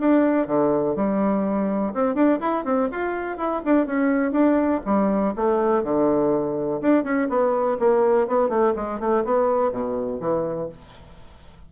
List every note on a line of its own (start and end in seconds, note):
0.00 0.47 D4
0.47 0.96 D3
0.96 1.94 G3
1.94 2.15 C4
2.15 2.39 D4
2.40 2.65 E4
2.65 2.90 C4
2.92 3.38 F4
3.38 3.62 E4
3.65 3.87 D4
3.87 4.32 C#4
4.32 4.81 D4
4.86 5.35 G3
5.36 5.84 A3
5.84 6.82 D3
6.82 7.04 D4
7.04 7.29 C#4
7.29 7.78 B3
7.80 8.28 A#3
8.28 8.49 B3
8.49 8.74 A3
8.76 9.00 G#3
9.00 9.24 A3
9.25 9.72 B3
9.72 10.20 B2
10.20 10.69 E3